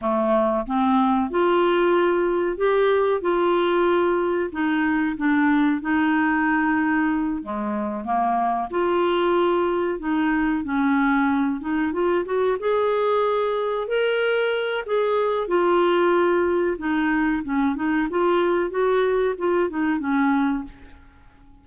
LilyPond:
\new Staff \with { instrumentName = "clarinet" } { \time 4/4 \tempo 4 = 93 a4 c'4 f'2 | g'4 f'2 dis'4 | d'4 dis'2~ dis'8 gis8~ | gis8 ais4 f'2 dis'8~ |
dis'8 cis'4. dis'8 f'8 fis'8 gis'8~ | gis'4. ais'4. gis'4 | f'2 dis'4 cis'8 dis'8 | f'4 fis'4 f'8 dis'8 cis'4 | }